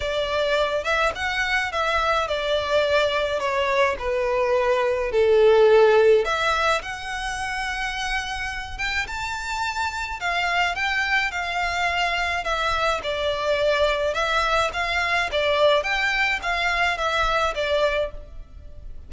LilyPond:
\new Staff \with { instrumentName = "violin" } { \time 4/4 \tempo 4 = 106 d''4. e''8 fis''4 e''4 | d''2 cis''4 b'4~ | b'4 a'2 e''4 | fis''2.~ fis''8 g''8 |
a''2 f''4 g''4 | f''2 e''4 d''4~ | d''4 e''4 f''4 d''4 | g''4 f''4 e''4 d''4 | }